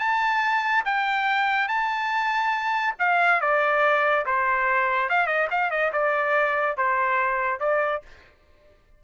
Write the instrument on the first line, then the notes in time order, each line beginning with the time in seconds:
trumpet
0.00 A5
0.86 G5
1.68 A5
2.99 F5
3.41 D5
4.26 C5
5.10 F5
5.27 D#5
5.51 F5
5.71 D#5
5.93 D5
6.77 C5
7.60 D5